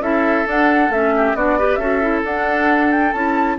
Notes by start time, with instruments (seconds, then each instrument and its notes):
0.00 bassoon C#4, clarinet E4, oboe A4, flute E5
0.46 clarinet D4, bassoon D4, flute F#5
0.90 bassoon A3, clarinet C#4, flute E5
1.17 oboe G4
1.35 bassoon B3, clarinet D4, oboe F#4, flute D5
1.59 clarinet G4, oboe B4
1.76 bassoon C#4, clarinet F#4, oboe A4, flute E5
2.02 clarinet E4
2.24 clarinet D4, bassoon D4, flute F#5
2.92 flute G5
3.13 bassoon C#4, clarinet E4, flute A5